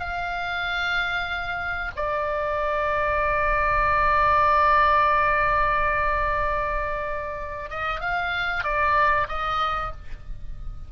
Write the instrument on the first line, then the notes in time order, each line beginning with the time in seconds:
oboe
0.00 F5
1.96 D5
7.70 D#5
8.00 F5
8.63 D5
9.28 D#5